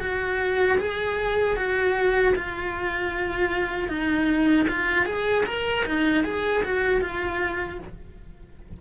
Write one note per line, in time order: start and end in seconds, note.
0.00 0.78 F#4
0.78 1.56 G#4
1.56 2.34 F#4
2.35 3.89 F4
3.89 4.66 D#4
4.69 5.05 F4
5.05 5.44 G#4
5.46 5.85 A#4
5.85 6.24 D#4
6.24 6.63 G#4
6.63 7.01 F#4
7.01 7.79 F4